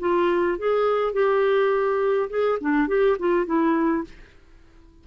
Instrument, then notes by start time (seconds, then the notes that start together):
clarinet
0.00 F4
0.58 G#4
1.13 G4
2.30 G#4
2.61 D4
2.88 G4
3.19 F4
3.46 E4